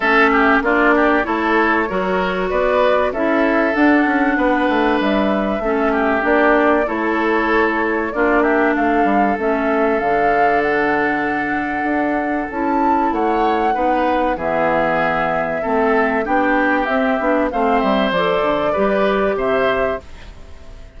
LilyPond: <<
  \new Staff \with { instrumentName = "flute" } { \time 4/4 \tempo 4 = 96 e''4 d''4 cis''2 | d''4 e''4 fis''2 | e''2 d''4 cis''4~ | cis''4 d''8 e''8 f''4 e''4 |
f''4 fis''2. | a''4 fis''2 e''4~ | e''2 g''4 e''4 | f''8 e''8 d''2 e''4 | }
  \new Staff \with { instrumentName = "oboe" } { \time 4/4 a'8 g'8 f'8 g'8 a'4 ais'4 | b'4 a'2 b'4~ | b'4 a'8 g'4. a'4~ | a'4 f'8 g'8 a'2~ |
a'1~ | a'4 cis''4 b'4 gis'4~ | gis'4 a'4 g'2 | c''2 b'4 c''4 | }
  \new Staff \with { instrumentName = "clarinet" } { \time 4/4 cis'4 d'4 e'4 fis'4~ | fis'4 e'4 d'2~ | d'4 cis'4 d'4 e'4~ | e'4 d'2 cis'4 |
d'1 | e'2 dis'4 b4~ | b4 c'4 d'4 c'8 d'8 | c'4 a'4 g'2 | }
  \new Staff \with { instrumentName = "bassoon" } { \time 4/4 a4 ais4 a4 fis4 | b4 cis'4 d'8 cis'8 b8 a8 | g4 a4 ais4 a4~ | a4 ais4 a8 g8 a4 |
d2. d'4 | cis'4 a4 b4 e4~ | e4 a4 b4 c'8 b8 | a8 g8 f8 d8 g4 c4 | }
>>